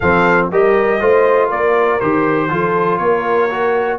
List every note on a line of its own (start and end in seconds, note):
0.00 0.51 F3
0.00 0.51 C4
0.00 0.49 A4
0.00 0.47 F5
0.50 1.00 G3
0.50 1.00 G4
0.50 1.00 A#4
0.50 1.50 D#5
1.00 1.50 A3
1.00 2.00 F4
1.00 1.47 C5
1.47 2.01 A#3
1.47 2.47 A#4
1.47 2.00 D5
2.00 2.50 D#3
2.00 2.49 G4
2.00 2.98 C5
2.49 2.99 F3
2.49 3.49 F4
2.49 3.00 A4
2.98 3.98 A#3
2.98 3.98 A#4
2.98 3.98 C#5
3.50 3.98 F#4